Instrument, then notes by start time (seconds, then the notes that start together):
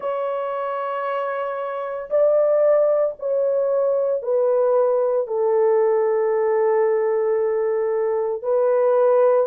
horn
0.00 C#5
2.10 D5
3.19 C#5
4.22 B4
5.27 A4
8.42 B4